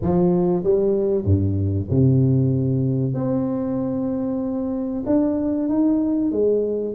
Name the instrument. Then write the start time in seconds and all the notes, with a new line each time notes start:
tuba
0.01 F3
0.63 G3
1.25 G2
1.90 C3
3.13 C4
5.06 D4
5.68 D#4
6.31 G#3